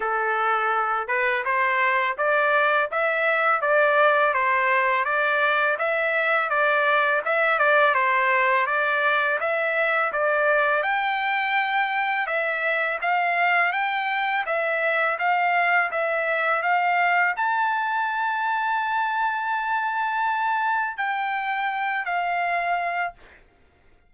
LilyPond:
\new Staff \with { instrumentName = "trumpet" } { \time 4/4 \tempo 4 = 83 a'4. b'8 c''4 d''4 | e''4 d''4 c''4 d''4 | e''4 d''4 e''8 d''8 c''4 | d''4 e''4 d''4 g''4~ |
g''4 e''4 f''4 g''4 | e''4 f''4 e''4 f''4 | a''1~ | a''4 g''4. f''4. | }